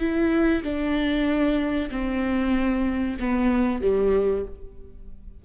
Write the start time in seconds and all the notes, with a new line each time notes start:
0.00 E4
0.63 D4
1.91 C4
3.20 B3
3.82 G3